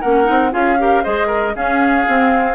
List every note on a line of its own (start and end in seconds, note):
0.00 0.29 A#3
0.00 0.24 C#4
0.00 0.51 A#4
0.00 0.51 F#5
0.24 0.53 C4
0.24 0.50 D#4
0.51 1.04 C#4
0.51 0.76 F4
0.51 0.78 G#4
0.51 1.03 F5
0.78 1.04 G4
0.78 1.03 A#4
1.03 1.55 G#3
1.03 1.54 G#4
1.03 1.26 C5
1.03 1.54 D#5
1.26 1.52 A#4
1.54 2.05 C#4
1.54 2.06 C#4
1.54 2.55 G#4
1.54 2.55 F5
2.06 2.55 C4